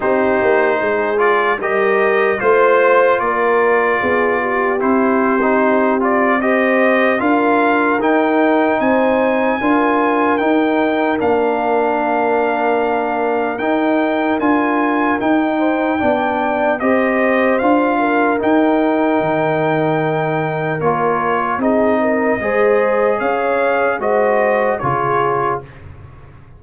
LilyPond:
<<
  \new Staff \with { instrumentName = "trumpet" } { \time 4/4 \tempo 4 = 75 c''4. d''8 dis''4 c''4 | d''2 c''4. d''8 | dis''4 f''4 g''4 gis''4~ | gis''4 g''4 f''2~ |
f''4 g''4 gis''4 g''4~ | g''4 dis''4 f''4 g''4~ | g''2 cis''4 dis''4~ | dis''4 f''4 dis''4 cis''4 | }
  \new Staff \with { instrumentName = "horn" } { \time 4/4 g'4 gis'4 ais'4 c''4 | ais'4 gis'8 g'2~ g'8 | c''4 ais'2 c''4 | ais'1~ |
ais'2.~ ais'8 c''8 | d''4 c''4. ais'4.~ | ais'2. gis'8 ais'8 | c''4 cis''4 c''4 gis'4 | }
  \new Staff \with { instrumentName = "trombone" } { \time 4/4 dis'4. f'8 g'4 f'4~ | f'2 e'8. dis'8. f'8 | g'4 f'4 dis'2 | f'4 dis'4 d'2~ |
d'4 dis'4 f'4 dis'4 | d'4 g'4 f'4 dis'4~ | dis'2 f'4 dis'4 | gis'2 fis'4 f'4 | }
  \new Staff \with { instrumentName = "tuba" } { \time 4/4 c'8 ais8 gis4 g4 a4 | ais4 b4 c'2~ | c'4 d'4 dis'4 c'4 | d'4 dis'4 ais2~ |
ais4 dis'4 d'4 dis'4 | b4 c'4 d'4 dis'4 | dis2 ais4 c'4 | gis4 cis'4 gis4 cis4 | }
>>